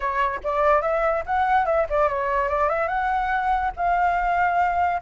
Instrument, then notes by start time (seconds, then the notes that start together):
flute
0.00 C#5
0.43 D5
0.81 E5
1.26 F#5
1.65 E5
1.89 D5
2.08 C#5
2.48 D5
2.69 E5
2.87 F#5
3.76 F5